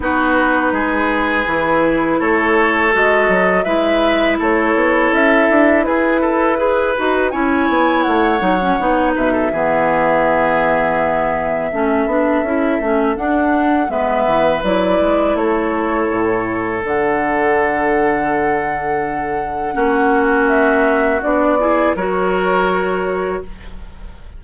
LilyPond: <<
  \new Staff \with { instrumentName = "flute" } { \time 4/4 \tempo 4 = 82 b'2. cis''4 | dis''4 e''4 cis''4 e''4 | b'2 gis''4 fis''4~ | fis''8 e''2.~ e''8~ |
e''2 fis''4 e''4 | d''4 cis''2 fis''4~ | fis''1 | e''4 d''4 cis''2 | }
  \new Staff \with { instrumentName = "oboe" } { \time 4/4 fis'4 gis'2 a'4~ | a'4 b'4 a'2 | gis'8 a'8 b'4 cis''2~ | cis''8 b'16 a'16 gis'2. |
a'2. b'4~ | b'4 a'2.~ | a'2. fis'4~ | fis'4. gis'8 ais'2 | }
  \new Staff \with { instrumentName = "clarinet" } { \time 4/4 dis'2 e'2 | fis'4 e'2.~ | e'4 gis'8 fis'8 e'4. dis'16 cis'16 | dis'4 b2. |
cis'8 d'8 e'8 cis'8 d'4 b4 | e'2. d'4~ | d'2. cis'4~ | cis'4 d'8 e'8 fis'2 | }
  \new Staff \with { instrumentName = "bassoon" } { \time 4/4 b4 gis4 e4 a4 | gis8 fis8 gis4 a8 b8 cis'8 d'8 | e'4. dis'8 cis'8 b8 a8 fis8 | b8 b,8 e2. |
a8 b8 cis'8 a8 d'4 gis8 e8 | fis8 gis8 a4 a,4 d4~ | d2. ais4~ | ais4 b4 fis2 | }
>>